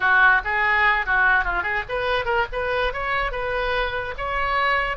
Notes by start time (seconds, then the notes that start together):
0.00 F#4
0.44 G#4
1.06 F#4
1.44 F4
1.62 G#4
1.88 B4
2.25 A#4
2.52 B4
2.93 C#5
3.31 B4
4.17 C#5